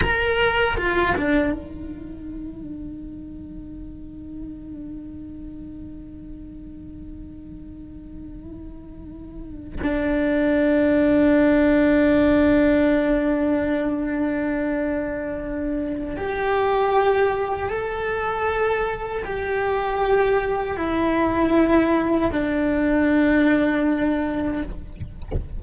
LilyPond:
\new Staff \with { instrumentName = "cello" } { \time 4/4 \tempo 4 = 78 ais'4 f'8 d'8 dis'2~ | dis'1~ | dis'1~ | dis'8. d'2.~ d'16~ |
d'1~ | d'4 g'2 a'4~ | a'4 g'2 e'4~ | e'4 d'2. | }